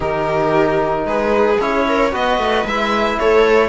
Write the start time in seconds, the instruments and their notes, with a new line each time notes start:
0.00 cello D#3, trombone D#4, viola G4, violin A#4
1.05 cello G#3, viola G#4, violin B4
1.60 cello C#4, trombone E4, violin C#5
1.88 viola A#4
2.12 cello B3, trombone F#4, viola B4, violin D#5
2.38 cello A3
2.64 cello G#3, trombone E4, violin E5
3.18 cello A3, viola A4, violin C#5